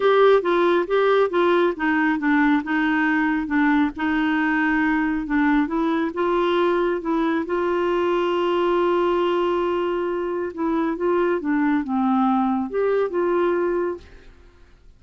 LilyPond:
\new Staff \with { instrumentName = "clarinet" } { \time 4/4 \tempo 4 = 137 g'4 f'4 g'4 f'4 | dis'4 d'4 dis'2 | d'4 dis'2. | d'4 e'4 f'2 |
e'4 f'2.~ | f'1 | e'4 f'4 d'4 c'4~ | c'4 g'4 f'2 | }